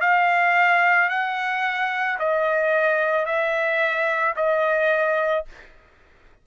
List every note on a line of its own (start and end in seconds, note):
0.00 1.09 F5
1.09 2.18 F#5
2.19 3.25 D#5
3.25 4.34 E5
4.36 5.45 D#5